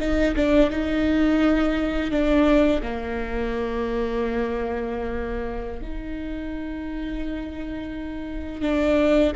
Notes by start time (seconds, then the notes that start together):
0.00 D#4
0.36 D4
0.70 D#4
2.11 D4
2.82 A#3
5.82 D#4
8.62 D4